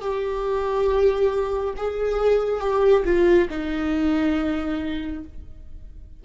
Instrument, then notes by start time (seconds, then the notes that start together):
viola
0.00 G4
1.76 G#4
2.60 G4
3.04 F4
3.49 D#4